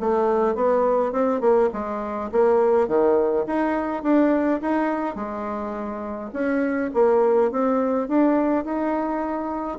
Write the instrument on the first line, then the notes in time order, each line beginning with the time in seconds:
bassoon
0.00 A3
0.55 B3
1.12 C4
1.40 A#3
1.73 G#3
2.31 A#3
2.88 D#3
3.46 D#4
4.03 D4
4.61 D#4
5.15 G#3
6.33 C#4
6.94 A#3
7.51 C4
8.08 D4
8.64 D#4